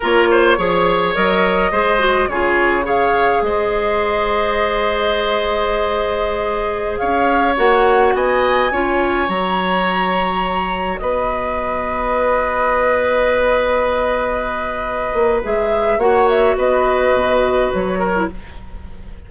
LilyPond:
<<
  \new Staff \with { instrumentName = "flute" } { \time 4/4 \tempo 4 = 105 cis''2 dis''2 | cis''4 f''4 dis''2~ | dis''1~ | dis''16 f''4 fis''4 gis''4.~ gis''16~ |
gis''16 ais''2. dis''8.~ | dis''1~ | dis''2. e''4 | fis''8 e''8 dis''2 cis''4 | }
  \new Staff \with { instrumentName = "oboe" } { \time 4/4 ais'8 c''8 cis''2 c''4 | gis'4 cis''4 c''2~ | c''1~ | c''16 cis''2 dis''4 cis''8.~ |
cis''2.~ cis''16 b'8.~ | b'1~ | b'1 | cis''4 b'2~ b'8 ais'8 | }
  \new Staff \with { instrumentName = "clarinet" } { \time 4/4 f'4 gis'4 ais'4 gis'8 fis'8 | f'4 gis'2.~ | gis'1~ | gis'4~ gis'16 fis'2 f'8.~ |
f'16 fis'2.~ fis'8.~ | fis'1~ | fis'2. gis'4 | fis'2.~ fis'8. e'16 | }
  \new Staff \with { instrumentName = "bassoon" } { \time 4/4 ais4 f4 fis4 gis4 | cis2 gis2~ | gis1~ | gis16 cis'4 ais4 b4 cis'8.~ |
cis'16 fis2. b8.~ | b1~ | b2~ b8 ais8 gis4 | ais4 b4 b,4 fis4 | }
>>